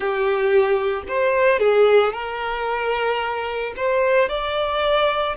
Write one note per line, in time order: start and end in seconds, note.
0.00 1.03 G4
1.08 1.59 C5
1.59 2.12 G#4
2.12 3.73 A#4
3.76 4.29 C5
4.29 5.36 D5